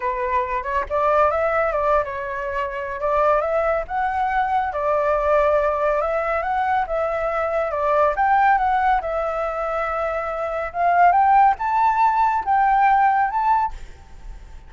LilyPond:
\new Staff \with { instrumentName = "flute" } { \time 4/4 \tempo 4 = 140 b'4. cis''8 d''4 e''4 | d''8. cis''2~ cis''16 d''4 | e''4 fis''2 d''4~ | d''2 e''4 fis''4 |
e''2 d''4 g''4 | fis''4 e''2.~ | e''4 f''4 g''4 a''4~ | a''4 g''2 a''4 | }